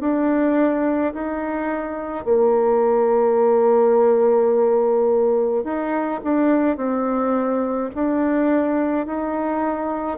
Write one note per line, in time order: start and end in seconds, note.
0.00 1.13 D4
1.14 2.25 D#4
2.25 5.64 A#3
5.64 6.21 D#4
6.24 6.77 D4
6.77 7.90 C4
7.95 9.07 D4
9.07 10.18 D#4